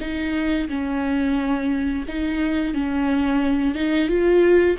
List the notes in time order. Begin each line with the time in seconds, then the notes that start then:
0.00 D#4
0.68 C#4
2.08 D#4
2.74 C#4
3.75 D#4
4.08 F4